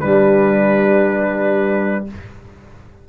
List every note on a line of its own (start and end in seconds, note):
0.00 2.07 G3
0.00 2.08 G3
0.00 2.05 D4
0.00 2.05 B4